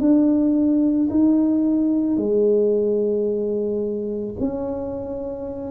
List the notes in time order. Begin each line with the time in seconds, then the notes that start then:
0.00 D4
1.11 D#4
2.17 G#3
4.40 C#4